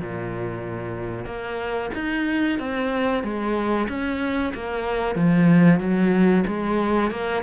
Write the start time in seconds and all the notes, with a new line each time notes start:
0.00 A#2
1.26 A#3
1.94 D#4
2.59 C4
3.23 G#3
3.89 C#4
4.54 A#3
5.15 F3
5.80 F#3
6.47 G#3
7.11 A#3